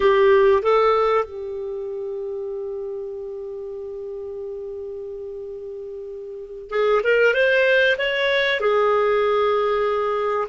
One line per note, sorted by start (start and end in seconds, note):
0.00 0.62 G4
0.62 1.24 A4
1.24 6.70 G4
6.70 7.01 G#4
7.03 7.34 A#4
7.34 7.96 C5
7.98 8.60 C#5
8.60 10.47 G#4